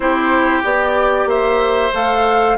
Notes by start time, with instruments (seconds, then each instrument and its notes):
0.00 bassoon C4, clarinet E4, oboe G4, flute C5
0.63 bassoon B3, clarinet G4, flute D5
1.25 bassoon A#3, oboe C5, flute E5
1.93 bassoon A3, clarinet A4, flute F5